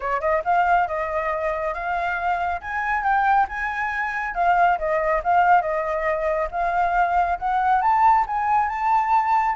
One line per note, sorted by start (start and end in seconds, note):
0.00 0.20 C#5
0.20 0.42 D#5
0.44 0.87 F5
0.87 1.74 D#5
1.74 2.60 F5
2.61 3.03 G#5
3.03 3.46 G5
3.48 4.34 G#5
4.34 4.78 F5
4.78 5.22 D#5
5.23 5.61 F5
5.61 6.48 D#5
6.51 7.38 F5
7.38 7.81 F#5
7.81 8.25 A5
8.26 8.69 G#5
8.69 9.55 A5